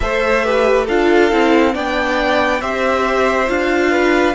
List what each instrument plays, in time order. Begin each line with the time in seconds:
0.00 cello A3, viola A4, violin C5 E5
0.44 viola G4, violin B4
0.85 cello D4, viola F4, violin A4 F5
1.31 cello C4, viola E4
1.72 cello B3, viola D4, violin D5 G5
2.61 cello C4, viola G4, violin C5 E5
3.47 cello D4, viola F4, violin F5
3.91 violin B4